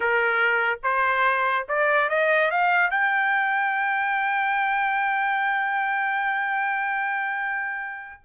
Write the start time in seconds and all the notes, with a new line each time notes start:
0.00 A#4
0.83 C5
1.68 D5
2.09 D#5
2.50 F5
2.90 G5